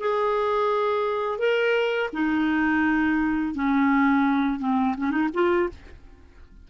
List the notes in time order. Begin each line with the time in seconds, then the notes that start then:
0.00 G#4
1.39 A#4
2.13 D#4
3.55 C#4
4.60 C4
4.98 C#4
5.11 D#4
5.34 F4